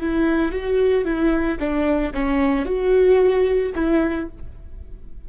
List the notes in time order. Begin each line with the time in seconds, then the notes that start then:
0.00 E4
0.52 F#4
1.05 E4
1.60 D4
2.14 C#4
2.65 F#4
3.75 E4